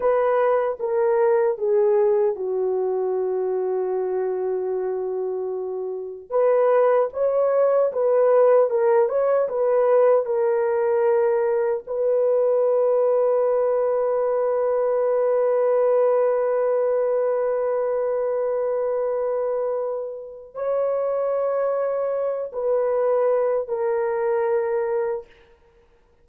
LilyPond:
\new Staff \with { instrumentName = "horn" } { \time 4/4 \tempo 4 = 76 b'4 ais'4 gis'4 fis'4~ | fis'1 | b'4 cis''4 b'4 ais'8 cis''8 | b'4 ais'2 b'4~ |
b'1~ | b'1~ | b'2 cis''2~ | cis''8 b'4. ais'2 | }